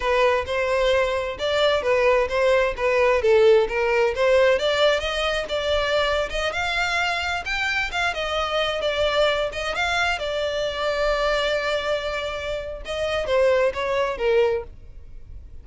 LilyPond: \new Staff \with { instrumentName = "violin" } { \time 4/4 \tempo 4 = 131 b'4 c''2 d''4 | b'4 c''4 b'4 a'4 | ais'4 c''4 d''4 dis''4 | d''4.~ d''16 dis''8 f''4.~ f''16~ |
f''16 g''4 f''8 dis''4. d''8.~ | d''8. dis''8 f''4 d''4.~ d''16~ | d''1 | dis''4 c''4 cis''4 ais'4 | }